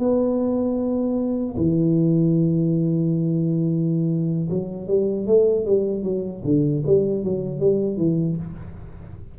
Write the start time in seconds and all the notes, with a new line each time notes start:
0.00 B3
1.57 E3
4.50 F#3
4.88 G3
5.27 A3
5.66 G3
6.04 F#3
6.45 D3
6.87 G3
7.24 F#3
7.60 G3
7.98 E3